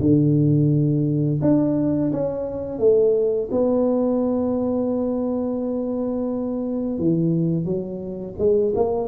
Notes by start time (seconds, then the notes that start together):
0.00 D3
1.41 D4
2.12 C#4
2.78 A3
3.51 B3
6.98 E3
7.64 F#3
8.38 G#3
8.75 A#3